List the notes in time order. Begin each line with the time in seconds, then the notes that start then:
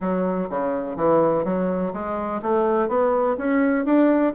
0.00 F#3
0.49 C#3
0.96 E3
1.44 F#3
1.93 G#3
2.42 A3
2.88 B3
3.37 C#4
3.85 D4